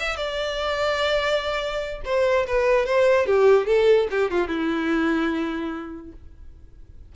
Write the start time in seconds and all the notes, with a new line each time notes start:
0.00 E5
0.16 D5
2.05 C5
2.47 B4
2.86 C5
3.26 G4
3.66 A4
4.11 G4
4.30 F4
4.48 E4